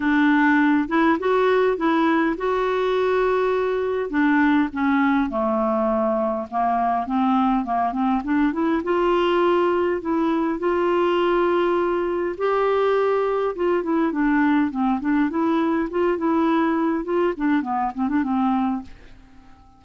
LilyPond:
\new Staff \with { instrumentName = "clarinet" } { \time 4/4 \tempo 4 = 102 d'4. e'8 fis'4 e'4 | fis'2. d'4 | cis'4 a2 ais4 | c'4 ais8 c'8 d'8 e'8 f'4~ |
f'4 e'4 f'2~ | f'4 g'2 f'8 e'8 | d'4 c'8 d'8 e'4 f'8 e'8~ | e'4 f'8 d'8 b8 c'16 d'16 c'4 | }